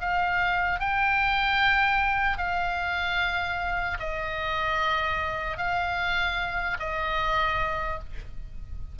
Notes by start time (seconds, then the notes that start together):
0.00 F5
0.80 G5
2.37 F5
3.99 D#5
5.57 F5
6.79 D#5